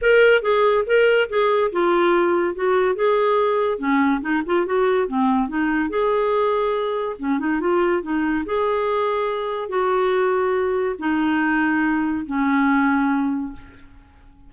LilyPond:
\new Staff \with { instrumentName = "clarinet" } { \time 4/4 \tempo 4 = 142 ais'4 gis'4 ais'4 gis'4 | f'2 fis'4 gis'4~ | gis'4 cis'4 dis'8 f'8 fis'4 | c'4 dis'4 gis'2~ |
gis'4 cis'8 dis'8 f'4 dis'4 | gis'2. fis'4~ | fis'2 dis'2~ | dis'4 cis'2. | }